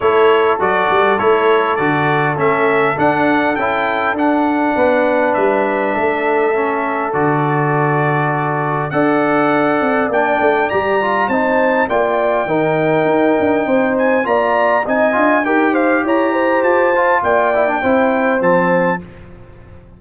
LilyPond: <<
  \new Staff \with { instrumentName = "trumpet" } { \time 4/4 \tempo 4 = 101 cis''4 d''4 cis''4 d''4 | e''4 fis''4 g''4 fis''4~ | fis''4 e''2. | d''2. fis''4~ |
fis''4 g''4 ais''4 a''4 | g''2.~ g''8 gis''8 | ais''4 gis''4 g''8 f''8 ais''4 | a''4 g''2 a''4 | }
  \new Staff \with { instrumentName = "horn" } { \time 4/4 a'1~ | a'1 | b'2 a'2~ | a'2. d''4~ |
d''2. c''4 | d''4 ais'2 c''4 | d''4 dis''4 ais'8 c''8 cis''8 c''8~ | c''4 d''4 c''2 | }
  \new Staff \with { instrumentName = "trombone" } { \time 4/4 e'4 fis'4 e'4 fis'4 | cis'4 d'4 e'4 d'4~ | d'2. cis'4 | fis'2. a'4~ |
a'4 d'4 g'8 f'8 dis'4 | f'4 dis'2. | f'4 dis'8 f'8 g'2~ | g'8 f'4 e'16 d'16 e'4 c'4 | }
  \new Staff \with { instrumentName = "tuba" } { \time 4/4 a4 fis8 g8 a4 d4 | a4 d'4 cis'4 d'4 | b4 g4 a2 | d2. d'4~ |
d'8 c'8 ais8 a8 g4 c'4 | ais4 dis4 dis'8 d'8 c'4 | ais4 c'8 d'8 dis'4 e'4 | f'4 ais4 c'4 f4 | }
>>